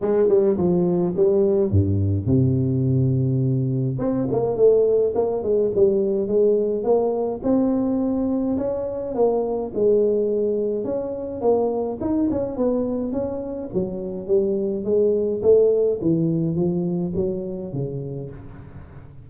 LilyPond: \new Staff \with { instrumentName = "tuba" } { \time 4/4 \tempo 4 = 105 gis8 g8 f4 g4 g,4 | c2. c'8 ais8 | a4 ais8 gis8 g4 gis4 | ais4 c'2 cis'4 |
ais4 gis2 cis'4 | ais4 dis'8 cis'8 b4 cis'4 | fis4 g4 gis4 a4 | e4 f4 fis4 cis4 | }